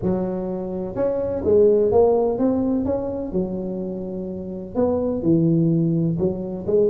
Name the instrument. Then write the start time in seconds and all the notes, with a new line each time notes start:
tuba
0.02 F#3
0.95 C#4
1.44 G#3
1.91 A#3
2.38 C4
2.85 C#4
3.32 F#3
4.75 B3
5.22 E3
6.18 F#3
6.67 G#3